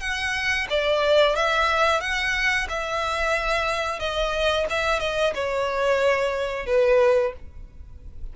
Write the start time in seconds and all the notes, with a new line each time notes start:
0.00 F#5
0.70 D5
1.35 E5
2.01 F#5
2.69 E5
3.99 D#5
4.70 E5
5.00 D#5
5.35 C#5
6.66 B4